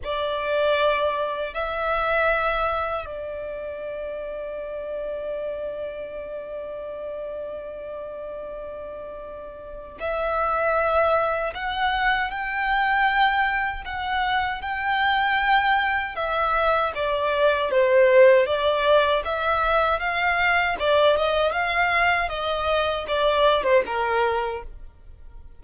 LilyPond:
\new Staff \with { instrumentName = "violin" } { \time 4/4 \tempo 4 = 78 d''2 e''2 | d''1~ | d''1~ | d''4 e''2 fis''4 |
g''2 fis''4 g''4~ | g''4 e''4 d''4 c''4 | d''4 e''4 f''4 d''8 dis''8 | f''4 dis''4 d''8. c''16 ais'4 | }